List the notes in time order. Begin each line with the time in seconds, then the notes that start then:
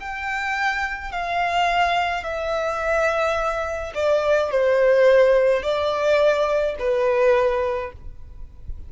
0.00 G5
1.12 F5
2.23 E5
3.94 D5
4.51 C5
5.62 D5
6.79 B4